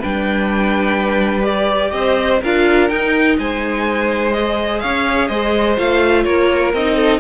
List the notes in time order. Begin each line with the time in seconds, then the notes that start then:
0.00 G3 D4 B4 G5
1.43 G4 D5
1.92 C4 C5 D#5
2.42 D4 F4 A#4 F5
2.89 D#4 G5
3.39 G#3 C5 G#5
4.33 G#4 D#5
4.80 C#4 C#5 F5
5.29 G#3 C5 D#5
5.78 A3 F4 F5
6.24 A#3 A#4 C#5
6.74 C4 D#4 D#5
6.96 A4